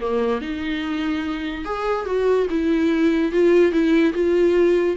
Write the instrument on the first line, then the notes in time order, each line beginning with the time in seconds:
viola
0.00 A#3
0.41 D#4
1.64 G#4
2.05 F#4
2.50 E4
3.32 F4
3.71 E4
4.13 F4